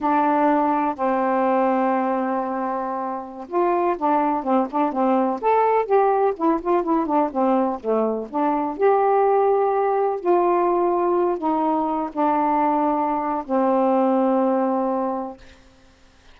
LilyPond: \new Staff \with { instrumentName = "saxophone" } { \time 4/4 \tempo 4 = 125 d'2 c'2~ | c'2.~ c'16 f'8.~ | f'16 d'4 c'8 d'8 c'4 a'8.~ | a'16 g'4 e'8 f'8 e'8 d'8 c'8.~ |
c'16 a4 d'4 g'4.~ g'16~ | g'4~ g'16 f'2~ f'8 dis'16~ | dis'4~ dis'16 d'2~ d'8. | c'1 | }